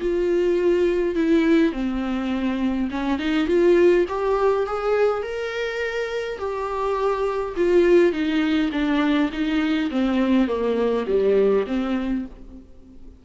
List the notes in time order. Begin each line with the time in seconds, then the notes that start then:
0.00 F4
1.15 E4
1.73 C4
2.91 C#4
3.19 D#4
3.47 F4
4.08 G4
4.66 G#4
5.23 A#4
6.38 G4
7.56 F4
8.12 D#4
8.72 D4
9.32 D#4
9.91 C4
10.48 A#3
11.07 G3
11.67 C4